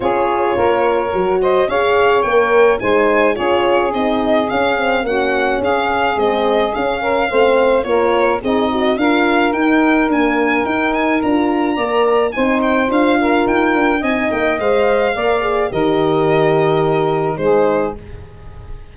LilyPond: <<
  \new Staff \with { instrumentName = "violin" } { \time 4/4 \tempo 4 = 107 cis''2~ cis''8 dis''8 f''4 | g''4 gis''4 cis''4 dis''4 | f''4 fis''4 f''4 dis''4 | f''2 cis''4 dis''4 |
f''4 g''4 gis''4 g''8 gis''8 | ais''2 gis''8 g''8 f''4 | g''4 gis''8 g''8 f''2 | dis''2. c''4 | }
  \new Staff \with { instrumentName = "saxophone" } { \time 4/4 gis'4 ais'4. c''8 cis''4~ | cis''4 c''4 gis'2~ | gis'4 fis'4 gis'2~ | gis'8 ais'8 c''4 ais'4 dis'4 |
ais'1~ | ais'4 d''4 c''4. ais'8~ | ais'4 dis''2 d''4 | ais'2. gis'4 | }
  \new Staff \with { instrumentName = "horn" } { \time 4/4 f'2 fis'4 gis'4 | ais'4 dis'4 f'4 dis'4 | cis'8 c'8 cis'2 c'4 | cis'4 c'4 f'4 gis'8 fis'8 |
f'4 dis'4 ais4 dis'4 | f'4 ais'4 dis'4 f'4~ | f'4 dis'4 c''4 ais'8 gis'8 | g'2. dis'4 | }
  \new Staff \with { instrumentName = "tuba" } { \time 4/4 cis'4 ais4 fis4 cis'4 | ais4 gis4 cis'4 c'4 | cis'4 ais4 cis'4 gis4 | cis'4 a4 ais4 c'4 |
d'4 dis'4 d'4 dis'4 | d'4 ais4 c'4 d'4 | dis'8 d'8 c'8 ais8 gis4 ais4 | dis2. gis4 | }
>>